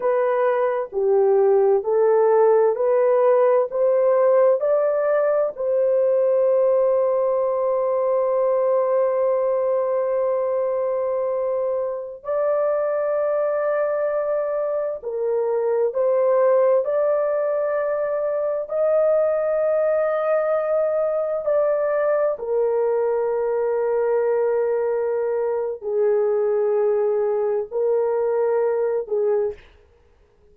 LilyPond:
\new Staff \with { instrumentName = "horn" } { \time 4/4 \tempo 4 = 65 b'4 g'4 a'4 b'4 | c''4 d''4 c''2~ | c''1~ | c''4~ c''16 d''2~ d''8.~ |
d''16 ais'4 c''4 d''4.~ d''16~ | d''16 dis''2. d''8.~ | d''16 ais'2.~ ais'8. | gis'2 ais'4. gis'8 | }